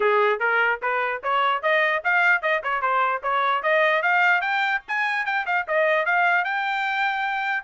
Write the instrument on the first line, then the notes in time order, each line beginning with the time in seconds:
trumpet
0.00 G#4
0.39 A#4
0.81 B4
1.23 C#5
1.62 D#5
2.04 F5
2.42 D#5
2.63 C#5
2.81 C5
3.22 C#5
3.62 D#5
4.02 F5
4.41 G5
4.88 G#5
5.25 G5
5.45 F5
5.67 D#5
6.05 F5
6.44 G5